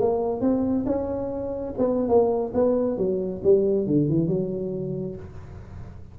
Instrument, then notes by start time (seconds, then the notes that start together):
tuba
0.00 A#3
0.41 C4
0.86 C#4
1.78 B3
2.08 A#3
2.54 B3
2.98 F#3
3.44 G3
3.87 D3
4.09 E3
4.28 F#3